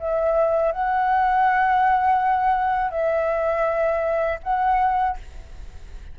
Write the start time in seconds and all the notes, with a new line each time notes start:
0.00 E5
0.73 F#5
2.91 E5
4.43 F#5